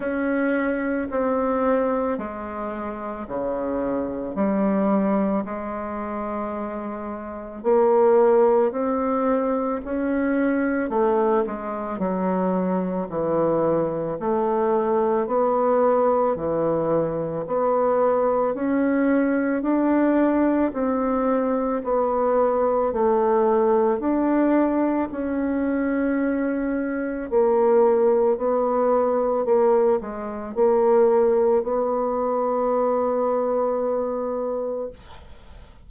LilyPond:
\new Staff \with { instrumentName = "bassoon" } { \time 4/4 \tempo 4 = 55 cis'4 c'4 gis4 cis4 | g4 gis2 ais4 | c'4 cis'4 a8 gis8 fis4 | e4 a4 b4 e4 |
b4 cis'4 d'4 c'4 | b4 a4 d'4 cis'4~ | cis'4 ais4 b4 ais8 gis8 | ais4 b2. | }